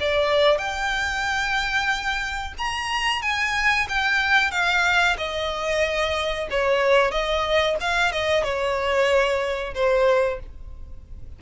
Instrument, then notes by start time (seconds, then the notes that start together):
violin
0.00 D5
0.58 G5
2.58 A#5
3.22 G#5
3.89 G5
4.51 F5
5.18 D#5
6.50 C#5
7.11 D#5
7.80 F5
8.12 D#5
8.44 C#5
9.74 C5